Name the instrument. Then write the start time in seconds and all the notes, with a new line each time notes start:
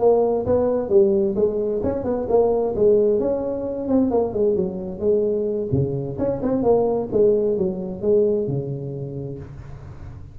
tuba
0.00 A#3
0.46 B3
0.89 G3
1.36 G#3
1.84 C#4
2.04 B3
2.29 A#3
2.76 G#3
3.20 C#4
3.89 C4
4.11 A#3
4.33 G#3
4.56 F#3
5.00 G#3
5.72 C#3
6.19 C#4
6.43 C4
6.63 A#3
7.12 G#3
7.58 F#3
8.02 G#3
8.48 C#3